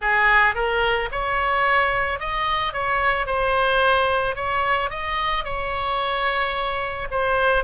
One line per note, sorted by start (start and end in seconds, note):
0.01 0.55 G#4
0.55 1.09 A#4
1.11 2.19 C#5
2.19 2.73 D#5
2.73 3.26 C#5
3.26 4.35 C5
4.35 4.89 C#5
4.89 5.44 D#5
5.44 7.08 C#5
7.11 7.64 C5